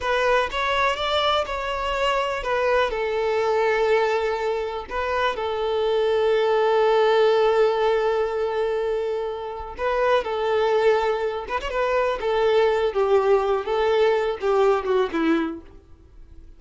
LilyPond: \new Staff \with { instrumentName = "violin" } { \time 4/4 \tempo 4 = 123 b'4 cis''4 d''4 cis''4~ | cis''4 b'4 a'2~ | a'2 b'4 a'4~ | a'1~ |
a'1 | b'4 a'2~ a'8 b'16 cis''16 | b'4 a'4. g'4. | a'4. g'4 fis'8 e'4 | }